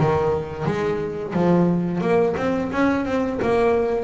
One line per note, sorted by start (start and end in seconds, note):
0.00 0.66 D#3
0.66 1.34 G#3
1.34 2.01 F3
2.01 2.35 A#3
2.37 2.71 C4
2.72 3.05 C#4
3.05 3.39 C4
3.42 4.04 A#3